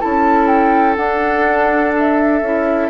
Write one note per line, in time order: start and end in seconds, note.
0.00 0.97 C#4
0.00 0.96 E4
0.00 2.90 A4
0.00 0.47 A5
0.47 0.96 G5
0.96 2.42 D4
0.96 1.93 F#5
1.98 2.90 E5
2.42 2.90 C#4
2.42 2.90 E4